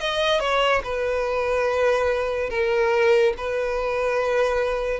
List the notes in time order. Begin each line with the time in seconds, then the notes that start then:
0.00 D#5
0.40 C#5
0.83 B4
2.50 A#4
3.37 B4